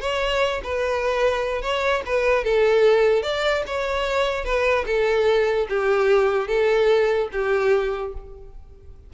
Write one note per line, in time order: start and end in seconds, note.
0.00 0.61 C#5
0.63 1.62 B4
1.62 2.02 C#5
2.06 2.44 B4
2.44 3.23 A4
3.23 3.63 D5
3.66 4.44 C#5
4.44 4.85 B4
4.86 5.67 A4
5.69 6.48 G4
6.48 7.29 A4
7.32 8.13 G4